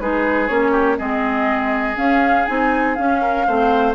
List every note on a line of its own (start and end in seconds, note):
0.00 0.50 G#3
0.00 0.49 D#4
0.00 0.72 G#4
0.00 0.48 B4
0.48 0.99 A#3
0.48 0.98 C#4
0.48 0.97 C#5
0.72 0.96 G4
0.98 1.97 G#3
0.98 1.95 C4
0.98 3.21 G#4
0.98 1.97 D#5
1.95 2.45 C#4
1.95 2.46 C#4
1.95 2.46 F5
2.46 2.98 C4
2.46 2.97 D#4
2.46 2.95 G#5
2.95 3.46 C#4
2.95 3.47 C#4
2.95 3.94 F5
3.21 3.46 A#4
3.46 3.95 A3
3.46 3.95 C4
3.46 3.95 C5